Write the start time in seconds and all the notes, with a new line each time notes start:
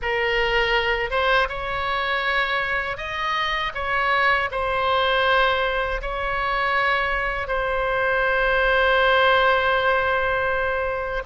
0.02 A#4
1.10 C5
1.48 C#5
2.97 D#5
3.74 C#5
4.51 C5
6.01 C#5
7.47 C5